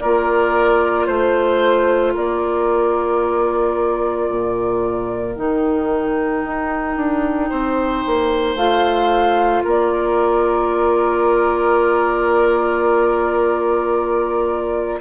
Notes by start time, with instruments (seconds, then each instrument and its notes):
0.00 bassoon A#3, clarinet F4, oboe A#4, flute D5
1.06 bassoon A3, flute C5, oboe C5
2.14 bassoon A#3, oboe A#4, flute D5
4.31 bassoon A#2
5.35 bassoon D#3, clarinet D#4, flute G5
6.44 bassoon D#4
6.97 bassoon D4
7.50 bassoon C4, oboe C5
8.07 bassoon A#3
8.56 bassoon A3, clarinet F4, flute F5
9.64 bassoon A#3, oboe A#4, flute D5